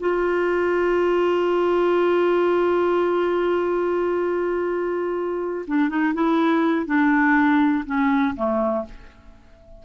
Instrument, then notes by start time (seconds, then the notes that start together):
clarinet
0.00 F4
5.68 D4
5.89 D#4
6.14 E4
6.86 D4
7.86 C#4
8.36 A3